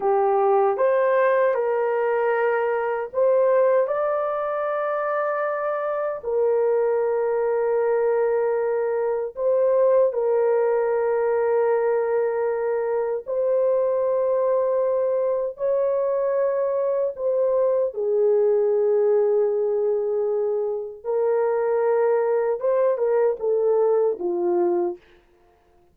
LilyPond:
\new Staff \with { instrumentName = "horn" } { \time 4/4 \tempo 4 = 77 g'4 c''4 ais'2 | c''4 d''2. | ais'1 | c''4 ais'2.~ |
ais'4 c''2. | cis''2 c''4 gis'4~ | gis'2. ais'4~ | ais'4 c''8 ais'8 a'4 f'4 | }